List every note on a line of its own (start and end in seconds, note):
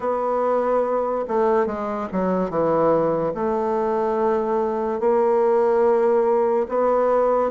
0.00 1.25 B3
1.27 1.66 A3
1.66 2.08 G#3
2.12 2.50 F#3
2.50 3.33 E3
3.34 5.00 A3
5.00 6.66 A#3
6.69 7.50 B3